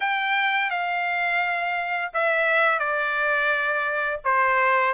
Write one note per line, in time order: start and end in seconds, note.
0.00 0.70 G5
0.70 2.11 F5
2.13 2.79 E5
2.79 4.20 D5
4.24 4.93 C5